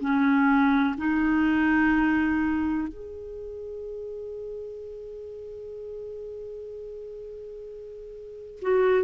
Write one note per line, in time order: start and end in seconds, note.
0.00 0.95 C#4
0.98 2.88 D#4
2.88 8.59 G#4
8.61 9.04 F#4